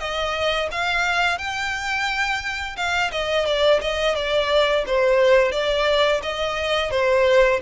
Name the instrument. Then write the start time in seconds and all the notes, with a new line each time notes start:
violin
0.00 D#5
0.71 F5
1.39 G5
2.76 F5
3.12 D#5
3.46 D5
3.82 D#5
4.16 D5
4.87 C5
5.52 D5
6.23 D#5
6.91 C5